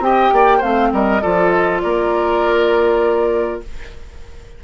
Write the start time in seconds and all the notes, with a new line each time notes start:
0.00 C4 G4 D#5 G5
0.33 A#3 D5
0.58 A3 C4 C5 F5
0.93 G3 A#4 D#5
1.22 F3 F4 A4 D5
1.49 D#5
1.81 A#3 A#4 D5